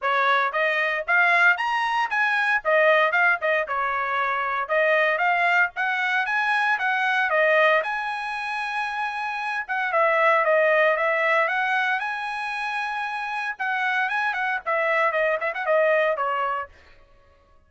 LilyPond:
\new Staff \with { instrumentName = "trumpet" } { \time 4/4 \tempo 4 = 115 cis''4 dis''4 f''4 ais''4 | gis''4 dis''4 f''8 dis''8 cis''4~ | cis''4 dis''4 f''4 fis''4 | gis''4 fis''4 dis''4 gis''4~ |
gis''2~ gis''8 fis''8 e''4 | dis''4 e''4 fis''4 gis''4~ | gis''2 fis''4 gis''8 fis''8 | e''4 dis''8 e''16 fis''16 dis''4 cis''4 | }